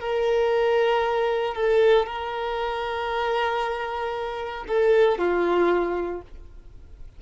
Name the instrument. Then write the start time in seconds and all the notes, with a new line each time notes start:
violin
0.00 A#4
1.55 A4
2.06 A#4
4.67 A4
5.18 F4